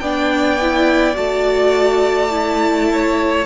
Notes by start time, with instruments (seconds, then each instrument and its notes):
0.00 cello B3, viola D4, violin D5 G5
0.61 viola E4
1.14 cello A3, viola F#4, violin A5
2.30 viola E4
2.93 violin C#5